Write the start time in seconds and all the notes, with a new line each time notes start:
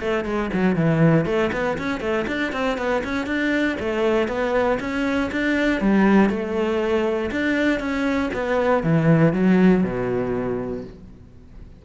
0.00 A3
0.25 G#3
0.53 F#3
0.76 E3
1.26 A3
1.53 B3
1.78 C#4
2.01 A3
2.27 D4
2.52 C4
2.78 B3
3.04 C#4
3.27 D4
3.80 A3
4.28 B3
4.80 C#4
5.32 D4
5.81 G3
6.30 A3
7.31 D4
7.80 C#4
8.34 B3
8.83 E3
9.33 F#3
9.84 B2